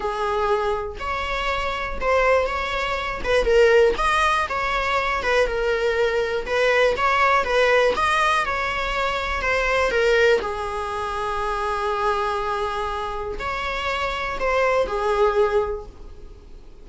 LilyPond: \new Staff \with { instrumentName = "viola" } { \time 4/4 \tempo 4 = 121 gis'2 cis''2 | c''4 cis''4. b'8 ais'4 | dis''4 cis''4. b'8 ais'4~ | ais'4 b'4 cis''4 b'4 |
dis''4 cis''2 c''4 | ais'4 gis'2.~ | gis'2. cis''4~ | cis''4 c''4 gis'2 | }